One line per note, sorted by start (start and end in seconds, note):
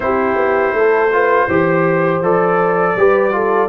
0.00 0.35 C4
0.00 1.10 E4
0.00 0.76 G4
0.00 2.22 C5
0.35 0.72 B3
0.73 1.47 A3
0.73 1.13 A4
1.12 1.49 F4
1.12 1.47 B4
1.47 2.21 E3
1.47 2.23 G4
1.47 2.95 C5
2.21 2.95 F3
2.21 2.97 A4
2.21 3.68 D5
2.96 3.68 G3
2.96 3.31 G4
2.96 3.34 B4
3.31 3.68 F4
3.31 3.68 A4